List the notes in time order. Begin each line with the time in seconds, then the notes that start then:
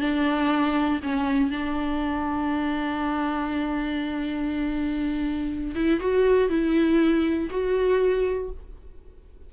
0.00 D4
1.02 C#4
1.50 D4
5.75 E4
6.00 F#4
6.49 E4
7.50 F#4